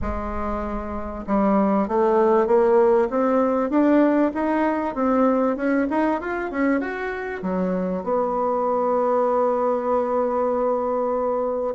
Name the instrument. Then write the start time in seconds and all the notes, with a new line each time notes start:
bassoon
0.01 G#3
1.27 G3
1.88 A3
2.46 A#3
3.10 C4
3.69 D4
4.34 D#4
4.95 C4
5.56 C#4
5.90 D#4
6.20 F4
6.50 C#4
6.80 F#4
7.42 F#3
8.03 B3